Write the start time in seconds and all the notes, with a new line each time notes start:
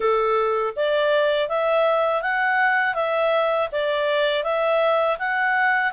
0.00 A4
0.76 D5
1.48 E5
2.22 F#5
2.94 E5
3.72 D5
4.43 E5
5.18 F#5